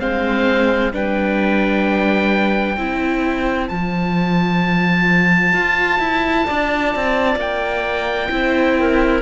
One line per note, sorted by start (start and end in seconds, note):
0.00 0.92 G#3
0.00 0.92 C4
0.00 0.92 C5
0.00 0.93 F5
0.93 2.77 G3
0.93 2.77 D4
0.93 2.78 B4
0.93 3.69 G5
2.77 3.70 C4
2.77 3.70 E4
2.77 6.47 C5
3.69 5.53 F3
3.69 8.31 F4
3.69 7.38 A5
5.53 5.99 F4
5.99 6.46 E4
6.47 6.96 D4
6.47 8.31 D5
6.96 7.36 C4
7.36 8.29 A#3
7.36 9.22 G5
8.31 9.22 C4
8.31 9.22 E4
8.31 8.78 C5
8.80 9.22 A#4